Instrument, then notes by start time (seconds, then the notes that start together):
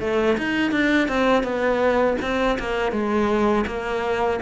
cello
0.00 A3
0.37 D#4
0.71 D4
1.08 C4
1.43 B3
2.21 C4
2.58 A#3
2.91 G#3
3.66 A#3